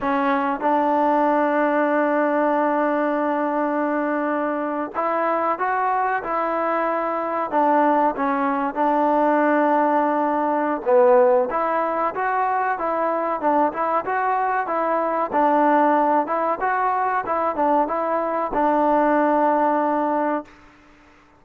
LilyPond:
\new Staff \with { instrumentName = "trombone" } { \time 4/4 \tempo 4 = 94 cis'4 d'2.~ | d'2.~ d'8. e'16~ | e'8. fis'4 e'2 d'16~ | d'8. cis'4 d'2~ d'16~ |
d'4 b4 e'4 fis'4 | e'4 d'8 e'8 fis'4 e'4 | d'4. e'8 fis'4 e'8 d'8 | e'4 d'2. | }